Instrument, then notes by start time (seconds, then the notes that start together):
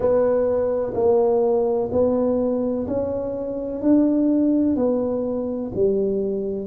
tuba
0.00 B3
0.94 A#3
1.91 B3
2.87 C#4
3.81 D4
4.76 B3
5.74 G3